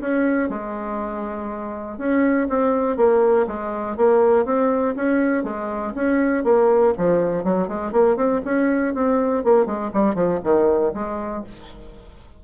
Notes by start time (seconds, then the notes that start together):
0.00 C#4
0.49 G#3
1.98 C#4
2.49 C4
2.97 A#3
3.47 G#3
3.96 A#3
4.45 C4
4.95 C#4
5.43 G#3
5.95 C#4
6.44 A#3
6.97 F3
7.44 F#3
7.68 G#3
7.92 A#3
8.16 C4
8.45 C#4
8.94 C4
9.44 A#3
9.66 G#3
9.94 G3
10.14 F3
10.44 D#3
10.94 G#3